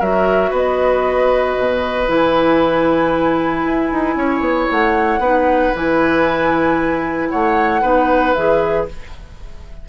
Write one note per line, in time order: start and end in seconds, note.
0.00 0.52 F#3
0.00 2.08 F#4
0.00 0.51 A#4
0.00 0.53 E5
0.51 1.57 B3
0.51 4.16 B4
0.51 2.10 D#5
1.58 2.09 B2
2.08 3.65 E3
2.08 5.21 E4
2.08 4.71 G#5
3.65 3.91 E4
3.92 4.16 D#4
4.16 4.41 C#4
4.16 5.20 C#5
4.41 4.67 B3
4.71 5.19 A3
4.71 5.75 F#5
5.19 5.71 B3
5.19 5.75 D#4
5.19 7.29 B4
5.75 7.32 E3
5.75 7.83 E4
5.75 7.30 G#5
7.30 7.83 A3
7.30 7.82 C#5
7.30 8.34 F#5
7.82 8.35 B3
7.82 8.35 D#4
7.82 8.86 B4
8.34 8.89 E3
8.34 8.89 G#4
8.34 8.86 E5